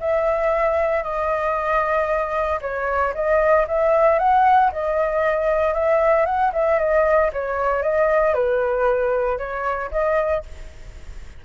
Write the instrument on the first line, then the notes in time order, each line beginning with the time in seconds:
flute
0.00 E5
1.03 D#5
2.61 C#5
3.14 D#5
3.68 E5
4.19 F#5
4.72 D#5
5.74 E5
6.26 F#5
6.53 E5
6.79 D#5
7.33 C#5
7.82 D#5
8.34 B4
9.38 C#5
9.91 D#5